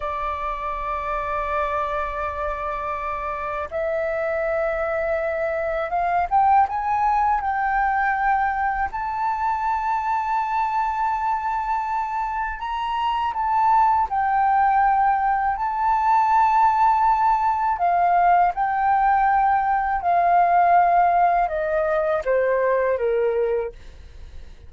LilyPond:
\new Staff \with { instrumentName = "flute" } { \time 4/4 \tempo 4 = 81 d''1~ | d''4 e''2. | f''8 g''8 gis''4 g''2 | a''1~ |
a''4 ais''4 a''4 g''4~ | g''4 a''2. | f''4 g''2 f''4~ | f''4 dis''4 c''4 ais'4 | }